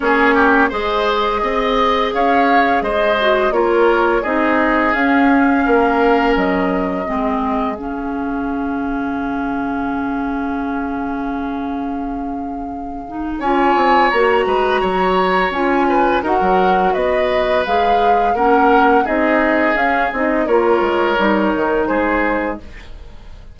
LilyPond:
<<
  \new Staff \with { instrumentName = "flute" } { \time 4/4 \tempo 4 = 85 cis''4 dis''2 f''4 | dis''4 cis''4 dis''4 f''4~ | f''4 dis''2 f''4~ | f''1~ |
f''2. gis''4 | ais''2 gis''4 fis''4 | dis''4 f''4 fis''4 dis''4 | f''8 dis''8 cis''2 c''4 | }
  \new Staff \with { instrumentName = "oboe" } { \time 4/4 gis'8 g'8 c''4 dis''4 cis''4 | c''4 ais'4 gis'2 | ais'2 gis'2~ | gis'1~ |
gis'2. cis''4~ | cis''8 b'8 cis''4. b'8 ais'4 | b'2 ais'4 gis'4~ | gis'4 ais'2 gis'4 | }
  \new Staff \with { instrumentName = "clarinet" } { \time 4/4 cis'4 gis'2.~ | gis'8 fis'8 f'4 dis'4 cis'4~ | cis'2 c'4 cis'4~ | cis'1~ |
cis'2~ cis'8 dis'8 f'4 | fis'2 f'4 fis'4~ | fis'4 gis'4 cis'4 dis'4 | cis'8 dis'8 f'4 dis'2 | }
  \new Staff \with { instrumentName = "bassoon" } { \time 4/4 ais4 gis4 c'4 cis'4 | gis4 ais4 c'4 cis'4 | ais4 fis4 gis4 cis4~ | cis1~ |
cis2. cis'8 c'8 | ais8 gis8 fis4 cis'4 dis'16 fis8. | b4 gis4 ais4 c'4 | cis'8 c'8 ais8 gis8 g8 dis8 gis4 | }
>>